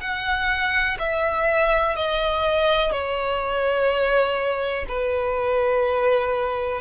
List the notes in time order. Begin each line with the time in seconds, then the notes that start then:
0.00 F#5
0.99 E5
1.96 D#5
2.92 C#5
4.88 B4